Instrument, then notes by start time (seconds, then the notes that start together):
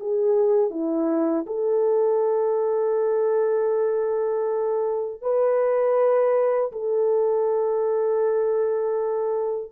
horn
0.00 G#4
0.71 E4
1.47 A4
5.22 B4
6.72 A4